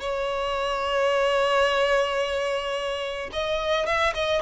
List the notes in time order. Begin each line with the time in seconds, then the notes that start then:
0.00 C#5
3.33 D#5
3.86 E5
4.14 D#5